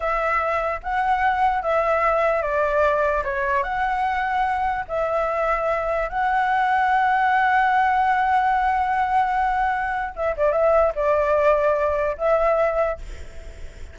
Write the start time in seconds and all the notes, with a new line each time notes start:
0.00 E5
0.82 F#5
1.62 E5
2.42 D5
3.23 C#5
3.63 F#5
4.88 E5
6.09 F#5
10.15 E5
10.37 D5
10.52 E5
10.95 D5
12.17 E5